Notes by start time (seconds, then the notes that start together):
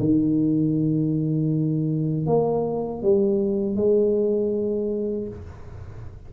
0.00 D#3
2.27 A#3
3.03 G3
3.77 G#3